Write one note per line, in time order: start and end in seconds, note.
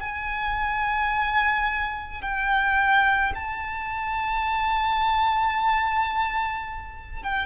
0.00 2.22 G#5
2.22 3.33 G5
3.35 7.23 A5
7.23 7.46 G5